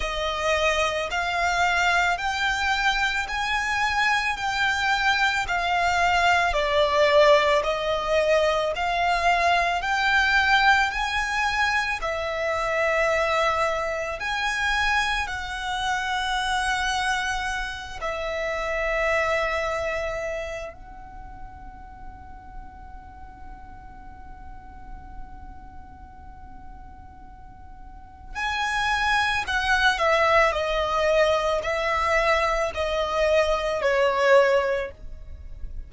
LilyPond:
\new Staff \with { instrumentName = "violin" } { \time 4/4 \tempo 4 = 55 dis''4 f''4 g''4 gis''4 | g''4 f''4 d''4 dis''4 | f''4 g''4 gis''4 e''4~ | e''4 gis''4 fis''2~ |
fis''8 e''2~ e''8 fis''4~ | fis''1~ | fis''2 gis''4 fis''8 e''8 | dis''4 e''4 dis''4 cis''4 | }